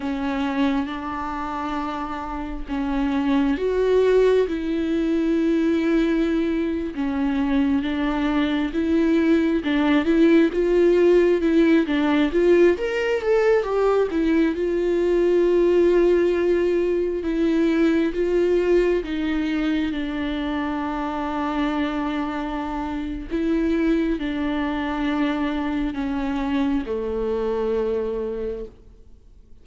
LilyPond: \new Staff \with { instrumentName = "viola" } { \time 4/4 \tempo 4 = 67 cis'4 d'2 cis'4 | fis'4 e'2~ e'8. cis'16~ | cis'8. d'4 e'4 d'8 e'8 f'16~ | f'8. e'8 d'8 f'8 ais'8 a'8 g'8 e'16~ |
e'16 f'2. e'8.~ | e'16 f'4 dis'4 d'4.~ d'16~ | d'2 e'4 d'4~ | d'4 cis'4 a2 | }